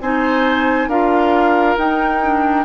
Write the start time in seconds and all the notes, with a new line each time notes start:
0.00 C4 D#4 C5 G#5
0.87 D4 F4 A#4 F5
1.77 D#4 G5
2.22 D4